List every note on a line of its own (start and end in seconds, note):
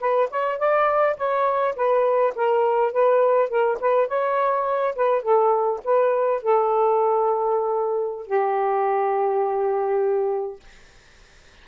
0.00 0.29 B4
0.30 0.58 C#5
0.58 1.17 D5
1.17 1.75 C#5
1.75 2.34 B4
2.35 2.92 A#4
2.92 3.49 B4
3.49 3.78 A#4
3.80 4.07 B4
4.07 4.95 C#5
4.95 5.22 B4
5.22 5.80 A4
5.84 6.42 B4
6.42 8.26 A4
8.26 10.59 G4